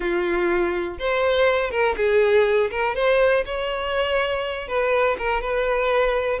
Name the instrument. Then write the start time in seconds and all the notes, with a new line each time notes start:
violin
0.00 F4
0.98 C5
1.70 A#4
1.96 G#4
2.70 A#4
2.95 C5
3.45 C#5
4.67 B4
5.18 A#4
5.41 B4